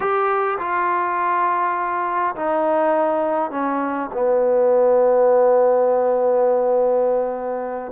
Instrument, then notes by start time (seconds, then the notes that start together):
trombone
0.00 G4
0.58 F4
2.35 D#4
3.50 C#4
4.13 B3